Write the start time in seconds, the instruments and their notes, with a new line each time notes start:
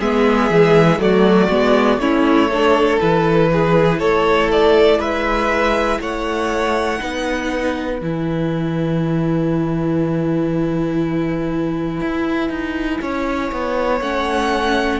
0.00 cello G#3, viola B3, violin G#4 E5
0.50 cello E3, viola G#3
0.99 cello F#3, viola A3, violin F#4 D5
1.50 cello G#3, viola B3
1.98 cello A3, viola C#4, violin E4 C#5
2.50 viola D4, violin A4
3.00 cello E3, viola E4, violin B4
3.53 violin G#4
4.00 cello A3, violin A4 C#5
4.52 violin D5
4.99 cello G#3, violin B4 E5
6.01 cello A3, violin C#5 F#5
6.99 cello B3, viola D#4, violin B4
8.00 cello E3, viola E4, violin G#5
12.01 cello E4
12.50 cello D#4
13.02 cello C#4, violin C#5
13.52 cello B3
14.01 cello A3, viola C#4, violin F#5